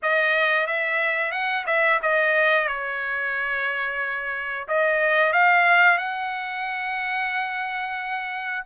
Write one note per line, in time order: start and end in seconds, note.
0.02 0.66 D#5
0.66 1.31 E5
1.31 1.65 F#5
1.66 1.99 E5
2.02 2.67 D#5
2.67 4.67 C#5
4.68 5.32 D#5
5.32 5.98 F5
5.98 8.64 F#5